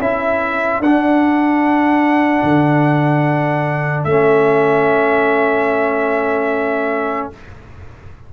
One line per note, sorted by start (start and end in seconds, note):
0.00 0.80 C#4
0.00 0.83 E4
0.00 7.31 A4
0.00 0.82 E5
0.80 2.42 D4
0.80 4.09 D4
0.80 4.04 F#5
2.43 4.05 D3
4.04 7.30 A3
4.04 7.33 C#4
4.04 7.28 E5